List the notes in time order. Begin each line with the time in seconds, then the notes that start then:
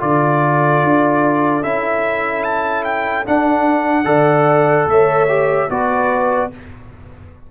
0.00 D3 F4 A4 D5
0.83 D4
1.63 C#4 E4 E5
2.43 A5
2.84 G5
3.26 D4 F#5
4.05 D3 A4 D5
4.86 A3 C#5 E5
5.29 G4
5.70 B3 F#4 B4 D5